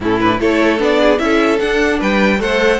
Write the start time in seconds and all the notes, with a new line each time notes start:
0.00 A2 C#4 E4 A4
0.20 D4 B4
0.39 A3 E4 A4 C#5
0.78 B3 D4 D5
0.99 G#4
1.18 C#4 E4 A4 E5
1.59 D4 F#5
1.99 G3 B4 G5
2.38 A3 A4 C5 F#5